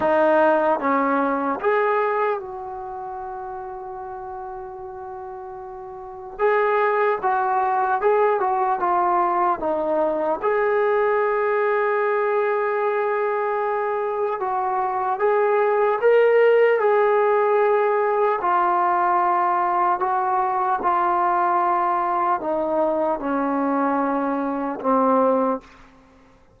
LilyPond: \new Staff \with { instrumentName = "trombone" } { \time 4/4 \tempo 4 = 75 dis'4 cis'4 gis'4 fis'4~ | fis'1 | gis'4 fis'4 gis'8 fis'8 f'4 | dis'4 gis'2.~ |
gis'2 fis'4 gis'4 | ais'4 gis'2 f'4~ | f'4 fis'4 f'2 | dis'4 cis'2 c'4 | }